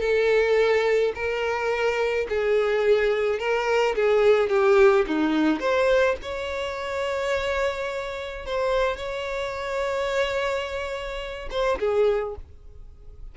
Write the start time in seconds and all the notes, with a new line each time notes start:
0.00 A4
1.14 A#4
2.29 G#4
3.39 A#4
3.95 G#4
4.49 G4
5.06 D#4
5.59 C5
6.22 C#5
8.46 C5
8.96 C#5
11.50 C5
11.79 G#4